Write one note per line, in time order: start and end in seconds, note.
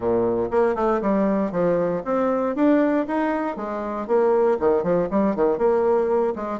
0.00 0.49 A#2
0.50 0.75 A#3
0.75 1.00 A3
1.01 1.51 G3
1.51 2.02 F3
2.05 2.55 C4
2.55 3.06 D4
3.07 3.56 D#4
3.56 4.07 G#3
4.07 4.58 A#3
4.59 4.83 D#3
4.83 5.08 F3
5.10 5.35 G3
5.35 5.57 D#3
5.57 6.34 A#3
6.35 6.59 G#3